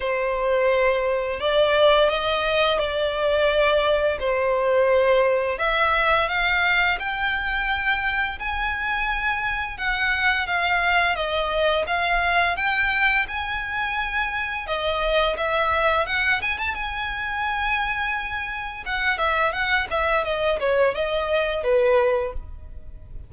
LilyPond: \new Staff \with { instrumentName = "violin" } { \time 4/4 \tempo 4 = 86 c''2 d''4 dis''4 | d''2 c''2 | e''4 f''4 g''2 | gis''2 fis''4 f''4 |
dis''4 f''4 g''4 gis''4~ | gis''4 dis''4 e''4 fis''8 gis''16 a''16 | gis''2. fis''8 e''8 | fis''8 e''8 dis''8 cis''8 dis''4 b'4 | }